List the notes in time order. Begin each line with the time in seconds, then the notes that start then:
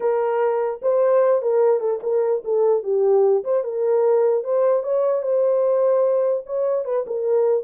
0.00 A#4
0.82 C5
1.42 A#4
1.79 A4
2.02 A#4
2.44 A4
2.83 G4
3.44 C5
3.64 A#4
4.43 C5
4.83 C#5
5.22 C5
6.46 C#5
6.85 B4
7.06 A#4